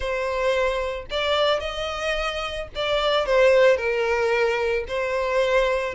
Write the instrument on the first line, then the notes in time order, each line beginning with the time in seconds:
violin
0.00 C5
1.10 D5
1.59 D#5
2.75 D5
3.26 C5
3.76 A#4
4.88 C5